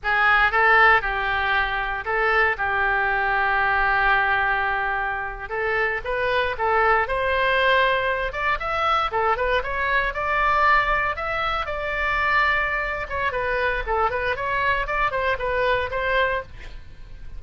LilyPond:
\new Staff \with { instrumentName = "oboe" } { \time 4/4 \tempo 4 = 117 gis'4 a'4 g'2 | a'4 g'2.~ | g'2~ g'8. a'4 b'16~ | b'8. a'4 c''2~ c''16~ |
c''16 d''8 e''4 a'8 b'8 cis''4 d''16~ | d''4.~ d''16 e''4 d''4~ d''16~ | d''4. cis''8 b'4 a'8 b'8 | cis''4 d''8 c''8 b'4 c''4 | }